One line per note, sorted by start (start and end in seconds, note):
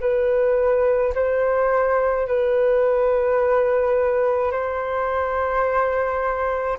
0.00 1.13 B4
1.14 2.27 C5
2.27 4.51 B4
4.51 6.78 C5